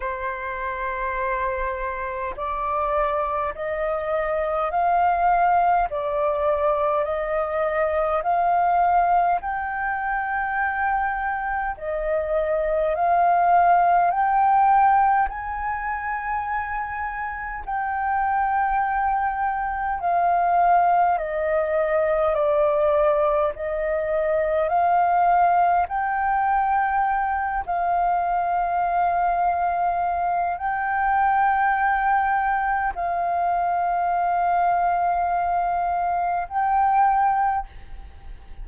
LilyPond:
\new Staff \with { instrumentName = "flute" } { \time 4/4 \tempo 4 = 51 c''2 d''4 dis''4 | f''4 d''4 dis''4 f''4 | g''2 dis''4 f''4 | g''4 gis''2 g''4~ |
g''4 f''4 dis''4 d''4 | dis''4 f''4 g''4. f''8~ | f''2 g''2 | f''2. g''4 | }